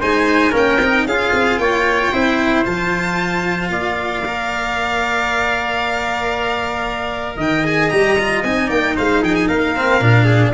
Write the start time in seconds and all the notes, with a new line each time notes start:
0.00 G#3 D#4 C5 G#5
0.51 A#3 C#4 A#4 G5
0.79 C4 D#4
1.05 C#4 F4 G#4 F5
1.32 C4
1.58 A#3 C#5 G5
2.12 C4 E4 C5
2.65 F3 F4 A5
3.68 A#3 D5 F5
4.25 A#4
7.37 D#3 D#5 G5
7.64 G#4 G#5
7.89 G3 G4 A#5
8.18 F4
8.43 C4 D#4 G#5
8.67 A#3 D5 G5
8.96 G#3 C5 F5
9.22 F3 G#4 G5
9.35 G#5
9.48 A#3 A#4 F5
9.76 C4
10.00 A#2 D4
10.25 G#4